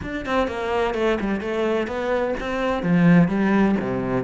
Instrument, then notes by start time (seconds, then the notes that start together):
cello
0.02 D4
0.25 C4
0.47 A#3
0.94 A3
1.20 G3
1.40 A3
1.87 B3
2.40 C4
2.82 F3
3.28 G3
3.80 C3